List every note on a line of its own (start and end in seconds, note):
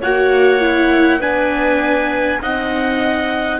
0.00 1.21 A#3
0.00 0.61 F#4
0.00 1.19 C#5
0.00 1.21 F#5
0.61 1.21 E4
1.19 2.41 B3
1.19 2.41 D4
1.19 2.39 B4
1.19 2.41 G#5
2.41 3.60 C4
2.41 3.60 D#4
2.41 3.60 D#5
2.41 3.60 F#5